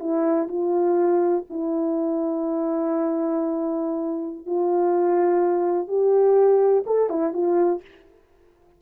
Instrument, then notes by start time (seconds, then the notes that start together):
horn
0.00 E4
0.48 F4
1.50 E4
4.47 F4
5.88 G4
6.86 A4
7.10 E4
7.34 F4